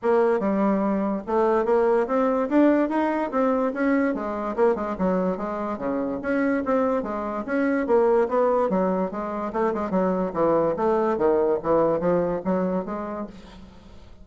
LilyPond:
\new Staff \with { instrumentName = "bassoon" } { \time 4/4 \tempo 4 = 145 ais4 g2 a4 | ais4 c'4 d'4 dis'4 | c'4 cis'4 gis4 ais8 gis8 | fis4 gis4 cis4 cis'4 |
c'4 gis4 cis'4 ais4 | b4 fis4 gis4 a8 gis8 | fis4 e4 a4 dis4 | e4 f4 fis4 gis4 | }